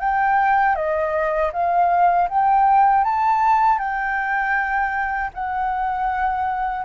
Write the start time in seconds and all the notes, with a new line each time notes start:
0.00 G5
0.76 D#5
1.53 F5
2.29 G5
3.05 A5
3.79 G5
5.34 F#5